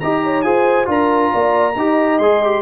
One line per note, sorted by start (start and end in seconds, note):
0.00 0.43 D#4
0.00 0.44 G4
0.00 0.23 D#5
0.00 0.42 A#5
0.24 0.45 C#5
0.42 0.87 F4
0.42 0.85 G#4
0.42 0.88 C5
0.42 0.86 G#5
0.85 1.31 D4
0.85 1.73 F4
0.85 1.32 A#4
0.85 2.19 A#5
1.33 1.75 A#3
1.33 1.76 D5
1.75 2.19 D#4
1.75 2.22 G4
1.75 2.62 D#5
2.19 2.62 G#3
2.19 2.44 G#4
2.19 2.62 C6
2.44 2.62 G4